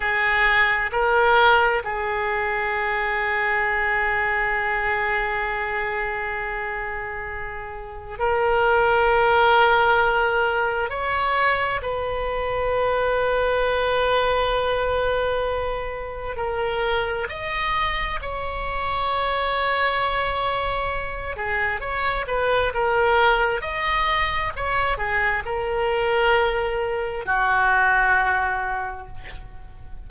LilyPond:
\new Staff \with { instrumentName = "oboe" } { \time 4/4 \tempo 4 = 66 gis'4 ais'4 gis'2~ | gis'1~ | gis'4 ais'2. | cis''4 b'2.~ |
b'2 ais'4 dis''4 | cis''2.~ cis''8 gis'8 | cis''8 b'8 ais'4 dis''4 cis''8 gis'8 | ais'2 fis'2 | }